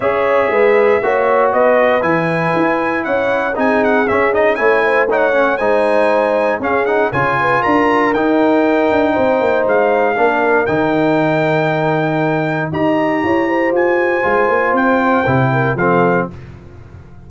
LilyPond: <<
  \new Staff \with { instrumentName = "trumpet" } { \time 4/4 \tempo 4 = 118 e''2. dis''4 | gis''2 fis''4 gis''8 fis''8 | e''8 dis''8 gis''4 fis''4 gis''4~ | gis''4 f''8 fis''8 gis''4 ais''4 |
g''2. f''4~ | f''4 g''2.~ | g''4 ais''2 gis''4~ | gis''4 g''2 f''4 | }
  \new Staff \with { instrumentName = "horn" } { \time 4/4 cis''4 b'4 cis''4 b'4~ | b'2 cis''4 gis'4~ | gis'4 cis''8 c''8 cis''4 c''4~ | c''4 gis'4 cis''8 b'8 ais'4~ |
ais'2 c''2 | ais'1~ | ais'4 dis''4 cis''8 c''4.~ | c''2~ c''8 ais'8 a'4 | }
  \new Staff \with { instrumentName = "trombone" } { \time 4/4 gis'2 fis'2 | e'2. dis'4 | cis'8 dis'8 e'4 dis'8 cis'8 dis'4~ | dis'4 cis'8 dis'8 f'2 |
dis'1 | d'4 dis'2.~ | dis'4 g'2. | f'2 e'4 c'4 | }
  \new Staff \with { instrumentName = "tuba" } { \time 4/4 cis'4 gis4 ais4 b4 | e4 e'4 cis'4 c'4 | cis'4 a2 gis4~ | gis4 cis'4 cis4 d'4 |
dis'4. d'8 c'8 ais8 gis4 | ais4 dis2.~ | dis4 dis'4 e'4 f'4 | gis8 ais8 c'4 c4 f4 | }
>>